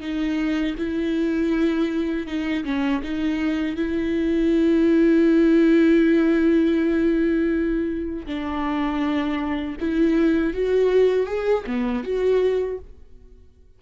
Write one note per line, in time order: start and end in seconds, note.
0.00 0.75 D#4
0.77 2.26 E4
2.26 2.64 D#4
2.64 3.02 C#4
3.03 3.76 D#4
3.76 8.26 E4
8.26 9.76 D4
9.79 10.53 E4
10.53 11.26 F#4
11.26 11.64 G#4
11.67 12.03 B3
12.03 12.78 F#4